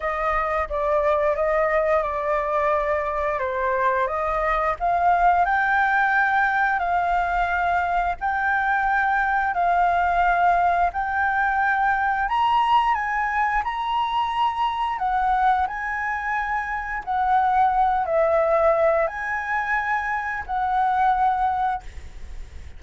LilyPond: \new Staff \with { instrumentName = "flute" } { \time 4/4 \tempo 4 = 88 dis''4 d''4 dis''4 d''4~ | d''4 c''4 dis''4 f''4 | g''2 f''2 | g''2 f''2 |
g''2 ais''4 gis''4 | ais''2 fis''4 gis''4~ | gis''4 fis''4. e''4. | gis''2 fis''2 | }